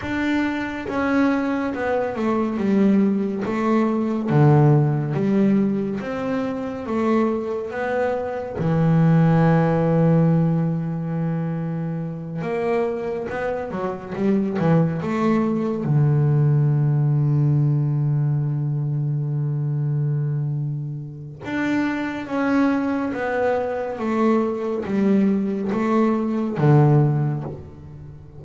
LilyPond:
\new Staff \with { instrumentName = "double bass" } { \time 4/4 \tempo 4 = 70 d'4 cis'4 b8 a8 g4 | a4 d4 g4 c'4 | a4 b4 e2~ | e2~ e8 ais4 b8 |
fis8 g8 e8 a4 d4.~ | d1~ | d4 d'4 cis'4 b4 | a4 g4 a4 d4 | }